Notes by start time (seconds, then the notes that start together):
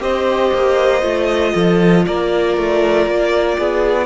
0.00 C4 G4 C5 D#5
0.54 A#3
1.02 A3 F4
1.54 F3 A4
2.06 A#3 A#4 D5
2.57 A3
3.07 A#3
3.58 B3 G#4